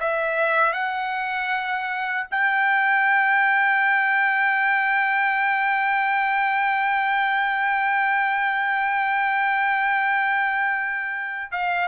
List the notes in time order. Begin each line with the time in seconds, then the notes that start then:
0.00 E5
0.73 F#5
2.31 G5
11.52 F5